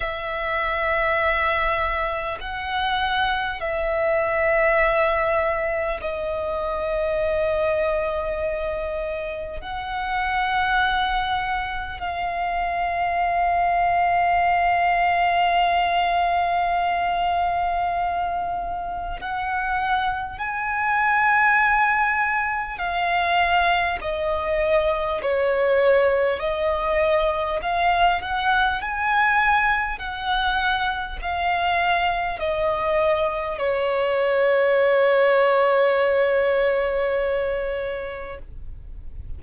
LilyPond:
\new Staff \with { instrumentName = "violin" } { \time 4/4 \tempo 4 = 50 e''2 fis''4 e''4~ | e''4 dis''2. | fis''2 f''2~ | f''1 |
fis''4 gis''2 f''4 | dis''4 cis''4 dis''4 f''8 fis''8 | gis''4 fis''4 f''4 dis''4 | cis''1 | }